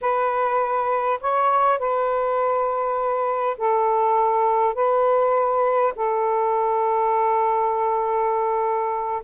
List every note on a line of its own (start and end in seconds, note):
0.01 1.19 B4
1.20 1.78 C#5
1.78 3.56 B4
3.57 4.74 A4
4.74 5.93 B4
5.95 9.22 A4